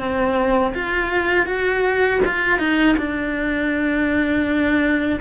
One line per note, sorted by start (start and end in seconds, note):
0.00 0.74 C4
0.75 1.46 F4
1.46 2.21 F#4
2.26 2.59 F4
2.59 2.96 D#4
2.98 5.20 D4